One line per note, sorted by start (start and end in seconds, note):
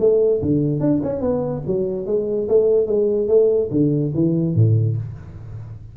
0.00 0.41 A3
0.42 0.81 D3
0.81 1.01 D4
1.03 1.21 C#4
1.21 1.62 B3
1.67 2.07 F#3
2.07 2.48 G#3
2.49 2.87 A3
2.87 3.28 G#3
3.28 3.69 A3
3.71 4.13 D3
4.14 4.55 E3
4.55 4.97 A2